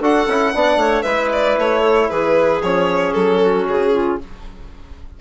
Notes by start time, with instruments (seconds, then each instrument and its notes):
0.00 bassoon D4, trombone F#4, clarinet A4, violin F#5
0.27 bassoon C#4, trombone E4
0.54 bassoon B3, trombone D4, clarinet D5
0.76 bassoon A3, clarinet C#5
1.02 bassoon G#3, trombone E4, clarinet B4, violin E5
1.32 violin D5
1.58 bassoon A3, violin C#5
1.81 clarinet A4
2.09 bassoon E3, clarinet G#4, violin B4
2.62 bassoon F3, trombone C#4, violin C#5
3.12 bassoon F#3, violin A4
3.40 clarinet F#4
3.67 bassoon C#3, violin G#4
3.92 clarinet F4